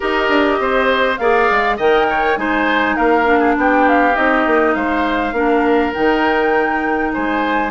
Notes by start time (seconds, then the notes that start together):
0.00 D#4 G4 A#4 D#5
0.28 D4
0.59 C4 C5
1.17 A#3 G#4 D5 F5
1.50 G#3
1.76 D#3 A#4 D#5 G5
2.09 C#5
2.37 G#3 D#4 C5 G#5
2.96 A#3 A#4 F5
3.24 D4
3.39 G#4
3.56 B3 G4 G5
3.88 F5
4.14 C4 D#4 D#5
4.46 A#3
4.74 G#3 C5 F5
5.32 A#3 D4 A#4
5.93 D#3 D#4 G5
7.13 G#3 C5 G#5